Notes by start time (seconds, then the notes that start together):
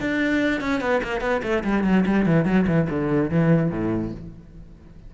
0.00 D4
0.60 C#4
0.80 B3
1.03 A#3
1.20 B3
1.43 A3
1.64 G3
1.84 F#3
2.06 G3
2.26 E3
2.45 F#3
2.67 E3
2.89 D3
3.30 E3
3.70 A2